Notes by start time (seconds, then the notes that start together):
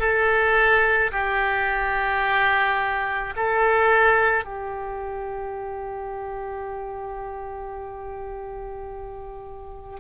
0.00 A4
1.12 G4
3.36 A4
4.44 G4